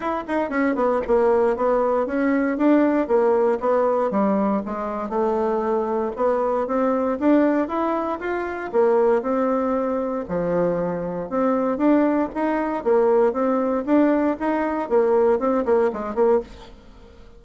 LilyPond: \new Staff \with { instrumentName = "bassoon" } { \time 4/4 \tempo 4 = 117 e'8 dis'8 cis'8 b8 ais4 b4 | cis'4 d'4 ais4 b4 | g4 gis4 a2 | b4 c'4 d'4 e'4 |
f'4 ais4 c'2 | f2 c'4 d'4 | dis'4 ais4 c'4 d'4 | dis'4 ais4 c'8 ais8 gis8 ais8 | }